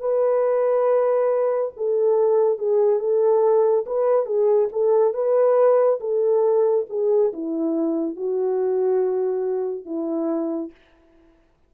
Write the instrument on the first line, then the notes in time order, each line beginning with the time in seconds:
horn
0.00 B4
1.76 A4
2.58 G#4
2.99 A4
3.86 B4
4.26 G#4
4.72 A4
5.14 B4
6.00 A4
6.90 G#4
7.33 E4
8.16 F#4
9.85 E4